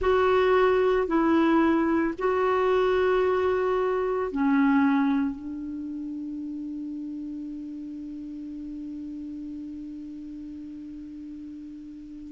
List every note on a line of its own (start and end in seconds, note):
0.00 1.07 F#4
1.07 2.14 E4
2.18 4.31 F#4
4.31 5.35 C#4
5.35 12.32 D4